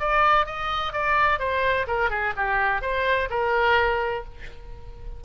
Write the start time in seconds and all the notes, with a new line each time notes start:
0.00 D5
0.46 D#5
0.93 D5
1.39 C5
1.87 A#4
2.10 G#4
2.36 G4
2.82 C5
3.30 A#4